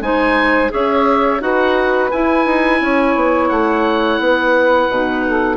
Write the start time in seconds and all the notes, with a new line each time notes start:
0.00 G#3 D#4 C5 G#5
0.69 C#4 G#4 C#5 E5
1.40 D#4 F#4 B4 F#5
2.10 E4 G#5
2.45 D#4
2.80 C#4 C#5
3.15 B3
3.49 A3 F#5
4.18 B3 B4
4.89 B2 D#4
5.26 A4